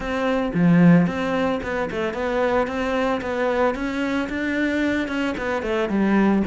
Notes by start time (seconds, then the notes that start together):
0.00 C4
0.54 F3
1.06 C4
1.62 B3
1.90 A3
2.13 B3
2.67 C4
3.21 B3
3.75 C#4
4.29 D4
5.08 C#4
5.37 B3
5.62 A3
5.89 G3